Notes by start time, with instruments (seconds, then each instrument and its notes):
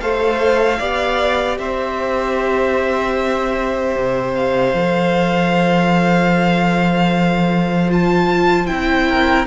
0.00 cello A3, viola A4, violin C5 F5
0.79 cello B3, viola G4, violin D5
1.58 cello C4, violin C5 E5
3.96 cello C3
4.34 violin F5
4.74 cello F3, viola A4
7.88 viola F4, violin A5
8.67 cello C4, viola E4, violin G5
9.08 violin A#4